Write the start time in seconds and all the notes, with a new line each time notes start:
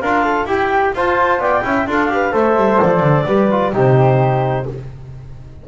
0.00 D4 F4 A#4 F5
0.24 A4
0.45 E4 G4 G5
0.94 F4 C5 A5
1.38 B3 D5 G5
1.63 C#4 E4 E5
1.86 D4 F4 A4 F5
2.10 G4 B4
2.31 A3 A4 C5 E5
2.56 G3
2.81 F3 D5
3.00 D3
3.26 G3 G4 B4
3.50 F4
3.73 C3 D#4 G4 C5